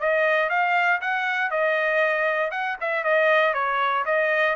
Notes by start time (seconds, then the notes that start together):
0.00 D#5
0.50 F5
1.01 F#5
1.51 D#5
2.51 F#5
2.81 E5
3.04 D#5
3.54 C#5
4.06 D#5